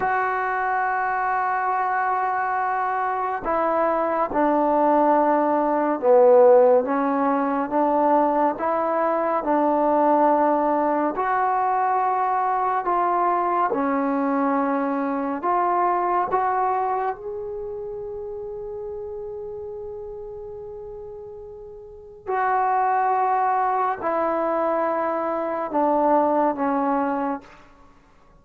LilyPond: \new Staff \with { instrumentName = "trombone" } { \time 4/4 \tempo 4 = 70 fis'1 | e'4 d'2 b4 | cis'4 d'4 e'4 d'4~ | d'4 fis'2 f'4 |
cis'2 f'4 fis'4 | gis'1~ | gis'2 fis'2 | e'2 d'4 cis'4 | }